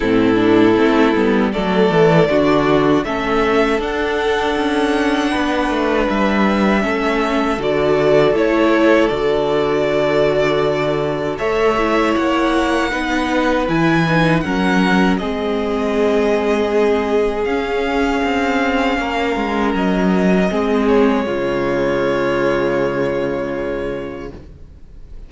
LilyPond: <<
  \new Staff \with { instrumentName = "violin" } { \time 4/4 \tempo 4 = 79 a'2 d''2 | e''4 fis''2. | e''2 d''4 cis''4 | d''2. e''4 |
fis''2 gis''4 fis''4 | dis''2. f''4~ | f''2 dis''4. cis''8~ | cis''1 | }
  \new Staff \with { instrumentName = "violin" } { \time 4/4 e'2 a'4 fis'4 | a'2. b'4~ | b'4 a'2.~ | a'2. cis''4~ |
cis''4 b'2 ais'4 | gis'1~ | gis'4 ais'2 gis'4 | f'1 | }
  \new Staff \with { instrumentName = "viola" } { \time 4/4 c'8 d'8 c'8 b8 a4 d'4 | cis'4 d'2.~ | d'4 cis'4 fis'4 e'4 | fis'2. a'8 e'8~ |
e'4 dis'4 e'8 dis'8 cis'4 | c'2. cis'4~ | cis'2. c'4 | gis1 | }
  \new Staff \with { instrumentName = "cello" } { \time 4/4 a,4 a8 g8 fis8 e8 d4 | a4 d'4 cis'4 b8 a8 | g4 a4 d4 a4 | d2. a4 |
ais4 b4 e4 fis4 | gis2. cis'4 | c'4 ais8 gis8 fis4 gis4 | cis1 | }
>>